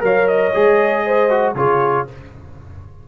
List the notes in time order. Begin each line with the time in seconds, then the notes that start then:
0.00 F#3 A#4 C#5 F5
0.27 D#5
0.54 G#3 G#4
1.05 C5
1.30 F#4
1.54 C#3 F4 G#4 C#5